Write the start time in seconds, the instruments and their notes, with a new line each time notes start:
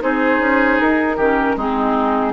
0.00 bassoon C4, clarinet D#4, oboe G#4, flute C5
0.39 bassoon C#4
0.80 bassoon D#4, flute A#4
1.17 bassoon D#3, clarinet C#4, oboe G4
1.56 bassoon G#3, clarinet C4, oboe D#4, flute G#4